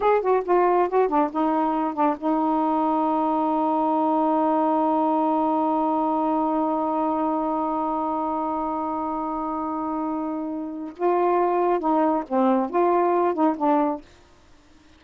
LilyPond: \new Staff \with { instrumentName = "saxophone" } { \time 4/4 \tempo 4 = 137 gis'8 fis'8 f'4 fis'8 d'8 dis'4~ | dis'8 d'8 dis'2.~ | dis'1~ | dis'1~ |
dis'1~ | dis'1~ | dis'4 f'2 dis'4 | c'4 f'4. dis'8 d'4 | }